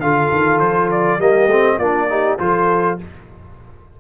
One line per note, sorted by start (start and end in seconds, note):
0.00 0.30 D3
0.00 1.20 F4
0.00 1.21 A4
0.00 0.60 F5
0.31 0.60 D#3
0.60 1.19 F3
0.60 0.89 C5
0.91 1.21 D5
1.19 1.47 G3
1.19 1.50 A#3
1.19 1.77 G4
1.19 1.79 D#5
1.47 1.76 A3
1.47 1.81 C4
1.77 2.38 A#3
1.77 2.09 D4
1.77 2.07 F4
1.77 2.38 D5
2.09 2.39 D#4
2.09 2.40 G4
2.39 2.99 F3
2.39 2.98 F4
2.39 3.00 A4
2.39 2.99 C5